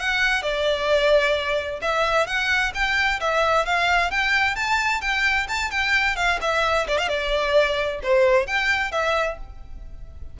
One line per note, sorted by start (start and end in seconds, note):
0.00 0.43 F#5
0.43 1.80 D5
1.82 2.27 E5
2.27 2.73 F#5
2.75 3.20 G5
3.21 3.66 E5
3.66 4.11 F5
4.11 4.56 G5
4.56 5.02 A5
5.02 5.47 G5
5.49 5.71 A5
5.71 6.16 G5
6.16 6.39 F5
6.42 6.87 E5
6.88 6.98 D5
6.98 7.09 F5
7.09 8.00 D5
8.03 8.47 C5
8.47 8.92 G5
8.92 9.38 E5